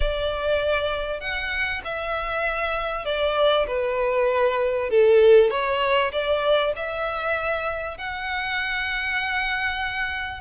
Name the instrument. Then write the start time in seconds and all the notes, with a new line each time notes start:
violin
0.00 D5
1.20 F#5
1.84 E5
3.05 D5
3.67 B4
4.90 A4
5.50 C#5
6.12 D5
6.76 E5
7.97 F#5